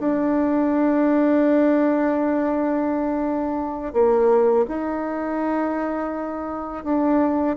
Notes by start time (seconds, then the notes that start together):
0.00 D4
3.94 A#3
4.68 D#4
6.84 D4